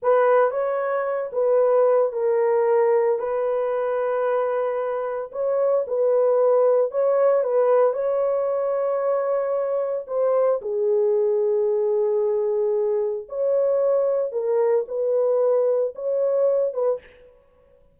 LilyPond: \new Staff \with { instrumentName = "horn" } { \time 4/4 \tempo 4 = 113 b'4 cis''4. b'4. | ais'2 b'2~ | b'2 cis''4 b'4~ | b'4 cis''4 b'4 cis''4~ |
cis''2. c''4 | gis'1~ | gis'4 cis''2 ais'4 | b'2 cis''4. b'8 | }